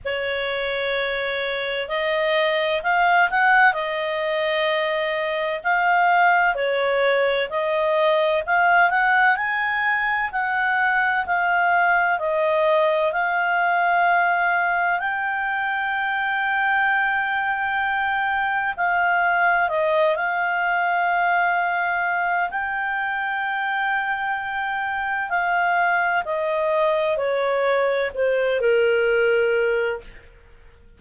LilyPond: \new Staff \with { instrumentName = "clarinet" } { \time 4/4 \tempo 4 = 64 cis''2 dis''4 f''8 fis''8 | dis''2 f''4 cis''4 | dis''4 f''8 fis''8 gis''4 fis''4 | f''4 dis''4 f''2 |
g''1 | f''4 dis''8 f''2~ f''8 | g''2. f''4 | dis''4 cis''4 c''8 ais'4. | }